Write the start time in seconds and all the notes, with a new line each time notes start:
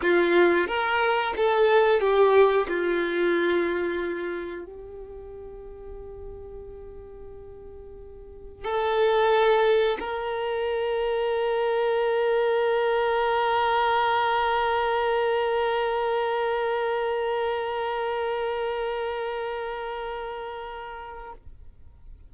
0.02 F4
0.67 A#4
1.36 A4
2.00 G4
2.68 F4
4.65 G4
8.64 A4
9.99 A#4